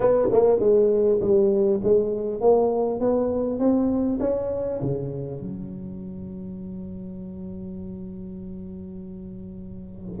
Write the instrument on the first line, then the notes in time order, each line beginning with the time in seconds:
tuba
0.00 B3
0.32 A#3
0.59 G#3
1.20 G3
1.83 G#3
2.41 A#3
2.99 B3
3.59 C4
4.19 C#4
4.81 C#3
5.41 F#3